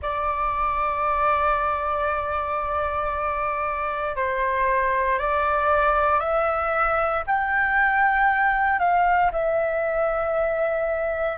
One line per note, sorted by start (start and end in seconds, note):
0.02 4.16 D5
4.16 5.19 C5
5.19 6.20 D5
6.20 7.23 E5
7.26 8.79 G5
8.79 9.31 F5
9.32 11.38 E5